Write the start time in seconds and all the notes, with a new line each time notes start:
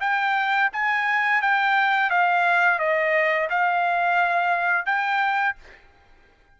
0.00 G5
0.72 G#5
1.41 G5
2.10 F5
2.78 D#5
3.49 F5
4.85 G5